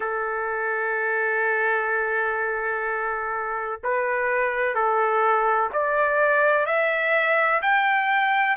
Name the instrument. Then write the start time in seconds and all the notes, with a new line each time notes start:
trumpet
0.00 A4
3.84 B4
4.74 A4
5.72 D5
6.66 E5
7.61 G5